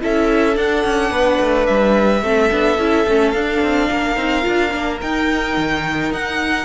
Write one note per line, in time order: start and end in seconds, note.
0.00 0.57 C#4
0.00 0.55 E4
0.00 1.12 A4
0.00 0.57 E5
0.55 2.21 D4
0.55 0.84 D4
0.55 1.66 F#5
0.84 1.10 C#4
1.10 1.38 B3
1.10 2.23 B4
1.40 1.68 A3
1.66 2.22 G3
1.66 3.31 E5
2.22 2.50 A3
2.22 2.50 C4
2.22 3.89 A4
2.51 2.78 B3
2.51 2.78 D4
2.78 3.06 C#4
2.78 3.06 E4
3.07 3.33 A3
3.07 3.35 C#4
3.31 3.61 D4
3.31 4.16 D4
3.31 4.98 F5
3.62 3.89 C4
3.90 4.16 A#3
3.90 6.65 A#4
4.16 4.44 C4
4.16 4.42 D#4
4.42 4.74 D4
4.42 4.70 F4
4.71 5.01 A#3
4.71 4.99 D4
5.01 5.57 D#4
5.01 6.65 D#4
5.01 6.12 G5
5.57 6.12 D#3
6.12 6.65 D#4
6.12 6.65 F#5